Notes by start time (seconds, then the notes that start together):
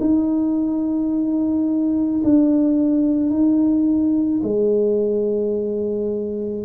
0.00 D#4
2.24 D4
3.30 D#4
4.43 G#3